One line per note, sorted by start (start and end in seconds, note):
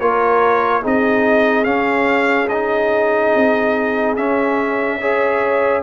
0.00 0.84 A#3
0.00 0.83 F4
0.00 0.82 A#4
0.00 0.83 C#5
0.82 1.66 C4
0.82 1.65 D#4
0.82 4.98 G#4
0.82 1.65 D#5
1.65 2.48 C#4
1.65 3.33 C#4
1.65 2.48 F5
2.49 4.17 D#4
2.49 4.16 D#5
3.35 4.18 C4
4.16 5.01 C#4
4.16 5.83 C#4
4.16 5.83 E5
5.00 5.83 G#4
5.00 5.83 C#5